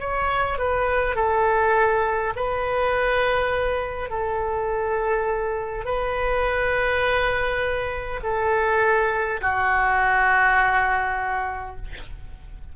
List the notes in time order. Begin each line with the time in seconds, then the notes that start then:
0.00 C#5
0.59 B4
1.16 A4
2.36 B4
4.10 A4
5.85 B4
8.24 A4
9.41 F#4